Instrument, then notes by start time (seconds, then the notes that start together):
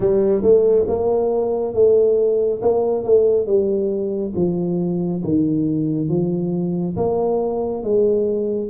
tuba
0.00 G3
0.42 A3
0.87 A#3
1.74 A3
2.62 A#3
3.04 A3
3.46 G3
4.35 F3
5.23 D#3
6.09 F3
6.96 A#3
7.83 G#3